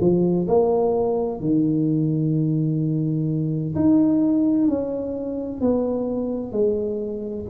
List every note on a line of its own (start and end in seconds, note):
0.00 0.47 F3
0.47 1.40 A#3
1.40 3.75 D#3
3.75 4.67 D#4
4.67 5.60 C#4
5.60 6.52 B3
6.52 7.45 G#3